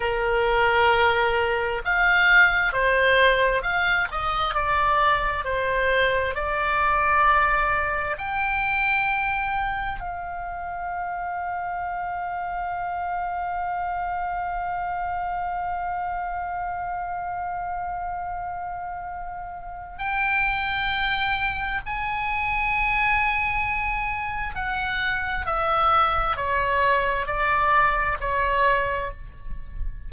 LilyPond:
\new Staff \with { instrumentName = "oboe" } { \time 4/4 \tempo 4 = 66 ais'2 f''4 c''4 | f''8 dis''8 d''4 c''4 d''4~ | d''4 g''2 f''4~ | f''1~ |
f''1~ | f''2 g''2 | gis''2. fis''4 | e''4 cis''4 d''4 cis''4 | }